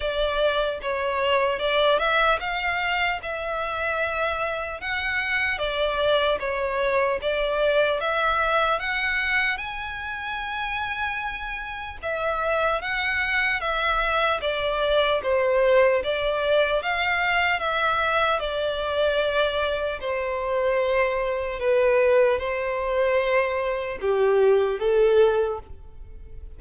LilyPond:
\new Staff \with { instrumentName = "violin" } { \time 4/4 \tempo 4 = 75 d''4 cis''4 d''8 e''8 f''4 | e''2 fis''4 d''4 | cis''4 d''4 e''4 fis''4 | gis''2. e''4 |
fis''4 e''4 d''4 c''4 | d''4 f''4 e''4 d''4~ | d''4 c''2 b'4 | c''2 g'4 a'4 | }